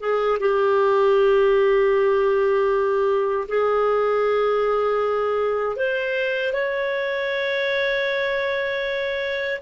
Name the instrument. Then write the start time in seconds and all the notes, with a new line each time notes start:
clarinet
0.00 G#4
0.40 G4
3.49 G#4
5.77 C5
6.53 C#5